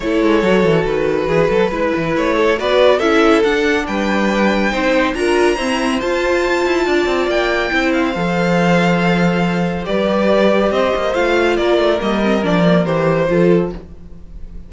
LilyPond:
<<
  \new Staff \with { instrumentName = "violin" } { \time 4/4 \tempo 4 = 140 cis''2 b'2~ | b'4 cis''4 d''4 e''4 | fis''4 g''2. | ais''2 a''2~ |
a''4 g''4. f''4.~ | f''2. d''4~ | d''4 dis''4 f''4 d''4 | dis''4 d''4 c''2 | }
  \new Staff \with { instrumentName = "violin" } { \time 4/4 a'2. gis'8 a'8 | b'4. a'8 b'4 a'4~ | a'4 b'2 c''4 | ais'4 c''2. |
d''2 c''2~ | c''2. b'4~ | b'4 c''2 ais'4~ | ais'2. a'4 | }
  \new Staff \with { instrumentName = "viola" } { \time 4/4 e'4 fis'2. | e'2 fis'4 e'4 | d'2. dis'4 | f'4 c'4 f'2~ |
f'2 e'4 a'4~ | a'2. g'4~ | g'2 f'2 | ais8 c'8 d'8 ais8 g'4 f'4 | }
  \new Staff \with { instrumentName = "cello" } { \time 4/4 a8 gis8 fis8 e8 dis4 e8 fis8 | gis8 e8 a4 b4 cis'4 | d'4 g2 c'4 | d'4 e'4 f'4. e'8 |
d'8 c'8 ais4 c'4 f4~ | f2. g4~ | g4 c'8 ais8 a4 ais8 a8 | g4 f4 e4 f4 | }
>>